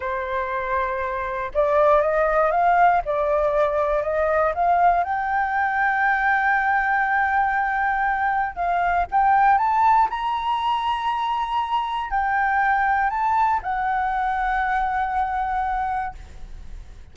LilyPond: \new Staff \with { instrumentName = "flute" } { \time 4/4 \tempo 4 = 119 c''2. d''4 | dis''4 f''4 d''2 | dis''4 f''4 g''2~ | g''1~ |
g''4 f''4 g''4 a''4 | ais''1 | g''2 a''4 fis''4~ | fis''1 | }